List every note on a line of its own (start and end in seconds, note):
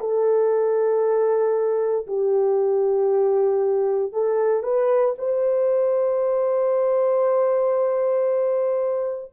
0.00 2.07 A4
2.07 4.13 G4
4.13 4.63 A4
4.63 5.15 B4
5.19 9.32 C5